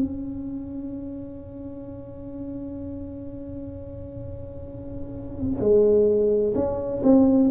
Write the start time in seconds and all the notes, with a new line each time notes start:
0.00 C#4
5.60 G#3
6.55 C#4
7.04 C4